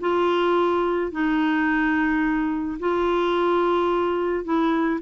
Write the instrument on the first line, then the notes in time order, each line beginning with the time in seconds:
clarinet
0.00 F4
1.11 D#4
2.79 F4
4.44 E4